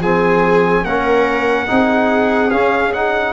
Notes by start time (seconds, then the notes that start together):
0.00 F3 C4 G#4 G#5
0.85 A#3 C#4 A#4 F#5
1.67 C4 D#4 G#4
2.51 C#4 F5
2.93 D#4 F#5